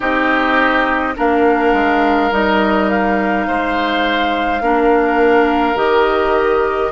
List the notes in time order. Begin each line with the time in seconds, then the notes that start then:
0.00 C4 D#4 G4 D#5
1.16 A#3 D4 A#4 F5
1.72 G#3
2.31 G3 D#4 D#5
2.89 F5
3.47 G#3 C5
4.61 A#3 D4 A#4
5.75 D#3 G4 D#5